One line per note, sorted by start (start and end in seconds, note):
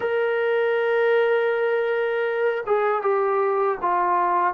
0.00 2.64 A#4
2.66 3.02 G#4
3.02 3.78 G4
3.81 4.54 F4